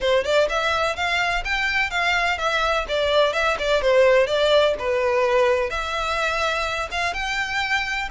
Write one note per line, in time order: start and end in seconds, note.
0.00 0.24 C5
0.24 0.48 D5
0.49 0.96 E5
0.96 1.43 F5
1.44 1.90 G5
1.90 2.37 F5
2.37 2.85 E5
2.88 3.33 D5
3.33 3.57 E5
3.58 3.81 D5
3.81 4.26 C5
4.26 4.74 D5
4.78 5.69 B4
5.69 6.89 E5
6.91 7.13 F5
7.13 8.08 G5